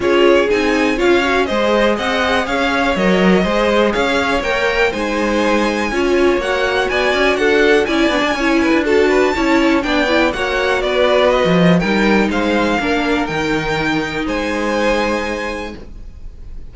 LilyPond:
<<
  \new Staff \with { instrumentName = "violin" } { \time 4/4 \tempo 4 = 122 cis''4 gis''4 f''4 dis''4 | fis''4 f''4 dis''2 | f''4 g''4 gis''2~ | gis''4 fis''4 gis''4 fis''4 |
gis''2 a''2 | g''4 fis''4 d''4 dis''4 | g''4 f''2 g''4~ | g''4 gis''2. | }
  \new Staff \with { instrumentName = "violin" } { \time 4/4 gis'2 cis''4 c''4 | dis''4 cis''2 c''4 | cis''2 c''2 | cis''2 d''4 a'4 |
d''4 cis''8 b'8 a'8 b'8 cis''4 | d''4 cis''4 b'2 | ais'4 c''4 ais'2~ | ais'4 c''2. | }
  \new Staff \with { instrumentName = "viola" } { \time 4/4 f'4 dis'4 f'8 fis'8 gis'4~ | gis'2 ais'4 gis'4~ | gis'4 ais'4 dis'2 | f'4 fis'2. |
e'8 d'8 e'4 fis'4 e'4 | d'8 e'8 fis'2. | dis'2 d'4 dis'4~ | dis'1 | }
  \new Staff \with { instrumentName = "cello" } { \time 4/4 cis'4 c'4 cis'4 gis4 | c'4 cis'4 fis4 gis4 | cis'4 ais4 gis2 | cis'4 ais4 b8 cis'8 d'4 |
cis'8 b16 d'16 cis'8. d'4~ d'16 cis'4 | b4 ais4 b4~ b16 f8. | g4 gis4 ais4 dis4~ | dis4 gis2. | }
>>